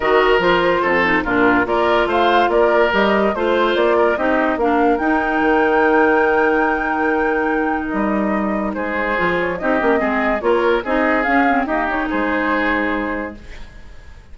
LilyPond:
<<
  \new Staff \with { instrumentName = "flute" } { \time 4/4 \tempo 4 = 144 dis''4 c''2 ais'4 | d''4 f''4 d''4 dis''4 | c''4 d''4 dis''4 f''4 | g''1~ |
g''2. dis''4~ | dis''4 c''4. cis''8 dis''4~ | dis''4 cis''4 dis''4 f''4 | dis''8 cis''8 c''2. | }
  \new Staff \with { instrumentName = "oboe" } { \time 4/4 ais'2 a'4 f'4 | ais'4 c''4 ais'2 | c''4. ais'8 g'4 ais'4~ | ais'1~ |
ais'1~ | ais'4 gis'2 g'4 | gis'4 ais'4 gis'2 | g'4 gis'2. | }
  \new Staff \with { instrumentName = "clarinet" } { \time 4/4 fis'4 f'4. dis'8 d'4 | f'2. g'4 | f'2 dis'4 d'4 | dis'1~ |
dis'1~ | dis'2 f'4 dis'8 cis'8 | c'4 f'4 dis'4 cis'8 c'8 | ais8 dis'2.~ dis'8 | }
  \new Staff \with { instrumentName = "bassoon" } { \time 4/4 dis4 f4 f,4 ais,4 | ais4 a4 ais4 g4 | a4 ais4 c'4 ais4 | dis'4 dis2.~ |
dis2. g4~ | g4 gis4 f4 c'8 ais8 | gis4 ais4 c'4 cis'4 | dis'4 gis2. | }
>>